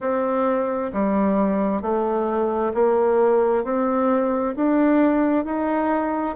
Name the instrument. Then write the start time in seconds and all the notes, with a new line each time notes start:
bassoon
0.00 C4
0.93 G3
1.82 A3
2.74 A#3
3.64 C4
4.56 D4
5.45 D#4